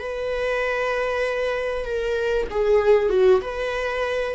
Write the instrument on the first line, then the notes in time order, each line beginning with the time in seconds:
viola
0.00 B4
1.85 A#4
2.51 G#4
3.10 F#4
3.42 B4